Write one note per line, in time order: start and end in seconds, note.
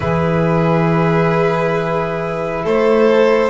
0.00 2.65 E3
0.00 3.50 E4
0.00 2.64 G#4
0.00 2.64 B4
2.64 3.50 A3
2.64 3.50 A4
2.64 3.50 C5